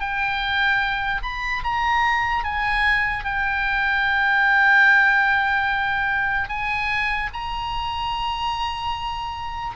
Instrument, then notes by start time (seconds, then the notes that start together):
oboe
0.00 G5
1.23 B5
1.64 A#5
2.44 G#5
3.24 G5
6.49 G#5
7.33 A#5